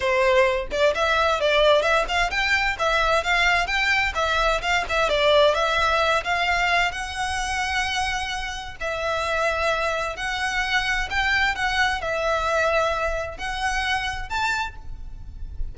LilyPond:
\new Staff \with { instrumentName = "violin" } { \time 4/4 \tempo 4 = 130 c''4. d''8 e''4 d''4 | e''8 f''8 g''4 e''4 f''4 | g''4 e''4 f''8 e''8 d''4 | e''4. f''4. fis''4~ |
fis''2. e''4~ | e''2 fis''2 | g''4 fis''4 e''2~ | e''4 fis''2 a''4 | }